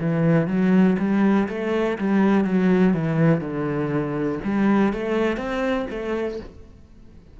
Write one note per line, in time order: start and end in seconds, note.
0.00 0.47 E3
0.47 0.97 F#3
0.99 1.48 G3
1.49 1.98 A3
1.99 2.45 G3
2.45 2.94 F#3
2.94 3.41 E3
3.41 4.39 D3
4.44 4.93 G3
4.93 5.37 A3
5.37 5.86 C4
5.90 6.39 A3